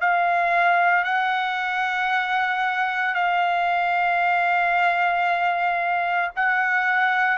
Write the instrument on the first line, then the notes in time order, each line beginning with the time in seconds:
trumpet
0.00 F5
1.04 F#5
3.14 F5
6.35 F#5